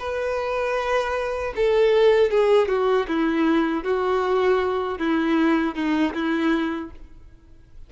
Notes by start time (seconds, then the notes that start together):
0.00 B4
1.56 A4
2.31 G#4
2.69 F#4
3.08 E4
3.84 F#4
4.99 E4
5.75 D#4
6.14 E4